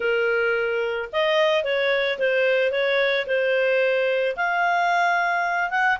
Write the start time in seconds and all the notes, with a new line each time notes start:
0.00 A#4
1.12 D#5
1.64 C#5
2.18 C5
2.71 C#5
3.27 C5
4.36 F5
5.70 F#5